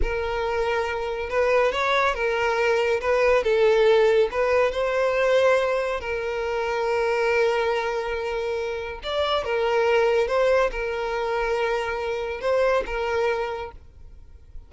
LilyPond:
\new Staff \with { instrumentName = "violin" } { \time 4/4 \tempo 4 = 140 ais'2. b'4 | cis''4 ais'2 b'4 | a'2 b'4 c''4~ | c''2 ais'2~ |
ais'1~ | ais'4 d''4 ais'2 | c''4 ais'2.~ | ais'4 c''4 ais'2 | }